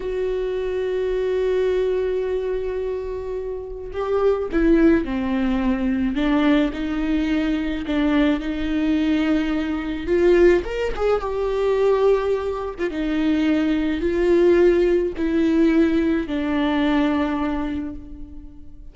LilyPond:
\new Staff \with { instrumentName = "viola" } { \time 4/4 \tempo 4 = 107 fis'1~ | fis'2. g'4 | e'4 c'2 d'4 | dis'2 d'4 dis'4~ |
dis'2 f'4 ais'8 gis'8 | g'2~ g'8. f'16 dis'4~ | dis'4 f'2 e'4~ | e'4 d'2. | }